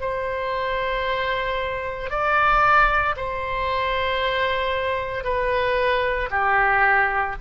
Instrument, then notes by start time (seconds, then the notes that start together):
oboe
0.00 C5
2.10 D5
3.16 C5
5.23 B4
6.30 G4